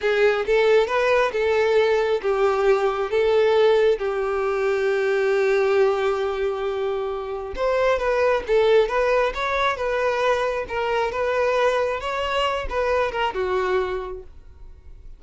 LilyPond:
\new Staff \with { instrumentName = "violin" } { \time 4/4 \tempo 4 = 135 gis'4 a'4 b'4 a'4~ | a'4 g'2 a'4~ | a'4 g'2.~ | g'1~ |
g'4 c''4 b'4 a'4 | b'4 cis''4 b'2 | ais'4 b'2 cis''4~ | cis''8 b'4 ais'8 fis'2 | }